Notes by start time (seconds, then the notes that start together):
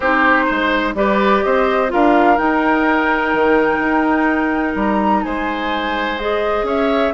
0.00 C4 D#4 G4 C5
0.46 G#3 C5
0.94 G3 G4 B4 D5
1.43 C4 C5 D#5
1.88 D4 F4 A#4 F5
2.37 D#4 G5
3.33 D#3
3.78 D#4
4.75 G3 A#5
5.23 G#3 C5 G#5
6.18 G#4 D#5
6.63 C#4 C#5 E5